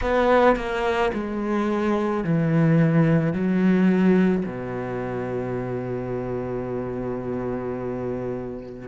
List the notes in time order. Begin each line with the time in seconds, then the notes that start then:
0.01 B3
0.56 A#3
1.13 G#3
2.24 E3
3.33 F#3
4.45 B2